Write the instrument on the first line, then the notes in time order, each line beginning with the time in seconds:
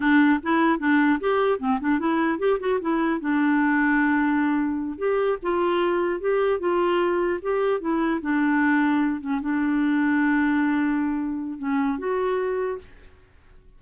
clarinet
0.00 D4
0.42 E4
0.79 D4
1.20 G4
1.59 C4
1.80 D4
1.99 E4
2.38 G4
2.59 F#4
2.80 E4
3.20 D4
4.97 G4
5.42 F4
6.20 G4
6.59 F4
7.42 G4
7.80 E4
8.21 D4
9.20 C#4
9.41 D4
11.58 C#4
11.98 F#4